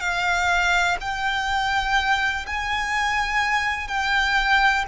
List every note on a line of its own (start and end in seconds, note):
0.00 0.97 F5
1.00 2.45 G5
2.46 3.88 G#5
3.88 4.84 G5